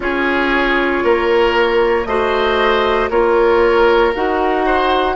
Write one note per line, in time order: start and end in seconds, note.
0.00 1.02 C#4
0.00 2.05 F4
0.00 1.04 G#4
0.00 2.05 C#5
1.03 2.05 A#3
1.03 2.07 A#4
2.05 3.09 A3
2.05 3.10 F#4
2.05 3.10 C5
2.05 3.09 D#5
3.09 4.13 A#3
3.09 4.13 F4
3.09 4.65 A#4
3.09 4.13 C#5
4.14 5.16 D#4
4.14 5.16 F#4
4.14 5.16 F#5
4.66 5.16 C5